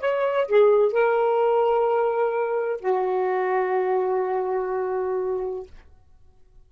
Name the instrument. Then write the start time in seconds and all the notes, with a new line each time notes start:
saxophone
0.00 C#5
0.48 G#4
0.92 A#4
2.81 F#4